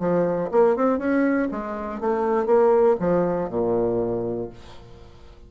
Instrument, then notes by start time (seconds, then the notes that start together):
bassoon
0.00 F3
0.52 A#3
0.77 C4
0.99 C#4
1.52 G#3
2.01 A3
2.47 A#3
3.00 F3
3.50 A#2